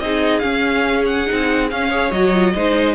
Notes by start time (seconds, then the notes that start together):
0.00 C4 D#4 G#4 D#5
0.40 C#4 F5
1.06 F#5
1.27 C4 D#4
1.71 C#4 F5
1.89 G#4 C#5
2.10 F#3 F#4 D#5
2.34 F4
2.56 G#3 D#4 C5